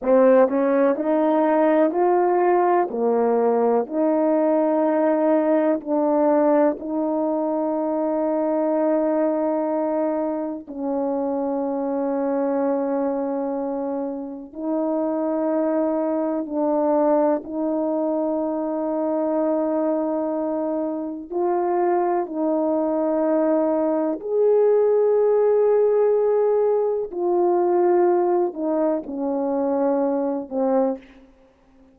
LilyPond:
\new Staff \with { instrumentName = "horn" } { \time 4/4 \tempo 4 = 62 c'8 cis'8 dis'4 f'4 ais4 | dis'2 d'4 dis'4~ | dis'2. cis'4~ | cis'2. dis'4~ |
dis'4 d'4 dis'2~ | dis'2 f'4 dis'4~ | dis'4 gis'2. | f'4. dis'8 cis'4. c'8 | }